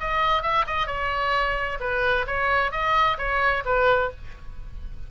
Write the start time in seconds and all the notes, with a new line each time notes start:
0.00 D#5
0.42 E5
0.67 D#5
0.87 C#5
1.80 B4
2.27 C#5
2.71 D#5
3.18 C#5
3.65 B4